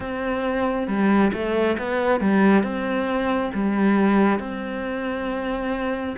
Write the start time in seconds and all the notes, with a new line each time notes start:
0.00 C4
0.87 G3
1.33 A3
1.78 B3
2.20 G3
2.63 C4
3.54 G3
4.39 C4